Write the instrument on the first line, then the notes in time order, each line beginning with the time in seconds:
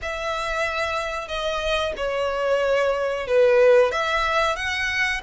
violin
0.01 E5
1.27 D#5
1.96 C#5
3.27 B4
3.91 E5
4.55 F#5